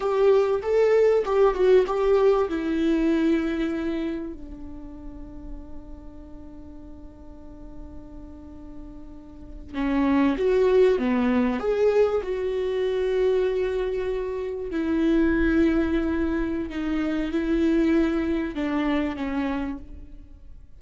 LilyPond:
\new Staff \with { instrumentName = "viola" } { \time 4/4 \tempo 4 = 97 g'4 a'4 g'8 fis'8 g'4 | e'2. d'4~ | d'1~ | d'2.~ d'8. cis'16~ |
cis'8. fis'4 b4 gis'4 fis'16~ | fis'2.~ fis'8. e'16~ | e'2. dis'4 | e'2 d'4 cis'4 | }